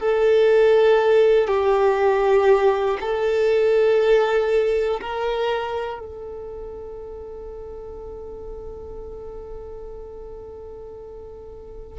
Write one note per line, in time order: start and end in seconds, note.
0.00 1.48 A4
1.48 2.98 G4
3.01 5.01 A4
5.01 6.00 A#4
6.00 11.99 A4